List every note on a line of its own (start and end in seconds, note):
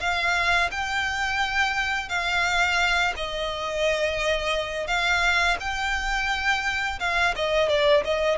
0.00 0.70 F5
0.71 2.09 G5
2.09 3.13 F5
3.16 4.87 D#5
4.87 5.57 F5
5.60 6.99 G5
6.99 7.34 F5
7.35 7.69 D#5
7.69 8.04 D5
8.04 8.38 D#5